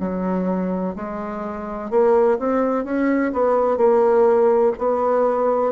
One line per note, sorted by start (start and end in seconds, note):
0.00 0.95 F#3
0.96 1.91 G#3
1.91 2.39 A#3
2.39 2.85 C4
2.85 3.32 C#4
3.33 3.78 B3
3.78 4.73 A#3
4.79 5.73 B3